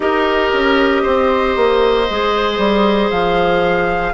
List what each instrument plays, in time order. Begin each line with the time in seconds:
0.00 bassoon D#4, clarinet G4, oboe A#4, flute D#5
0.53 bassoon C#4
1.03 bassoon C4, oboe C5
1.56 bassoon A#3
2.09 bassoon G#3, clarinet G#4
2.58 bassoon G3
3.10 bassoon F3, flute F5